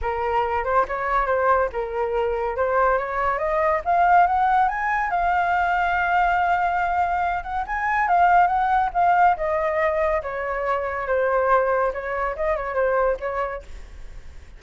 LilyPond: \new Staff \with { instrumentName = "flute" } { \time 4/4 \tempo 4 = 141 ais'4. c''8 cis''4 c''4 | ais'2 c''4 cis''4 | dis''4 f''4 fis''4 gis''4 | f''1~ |
f''4. fis''8 gis''4 f''4 | fis''4 f''4 dis''2 | cis''2 c''2 | cis''4 dis''8 cis''8 c''4 cis''4 | }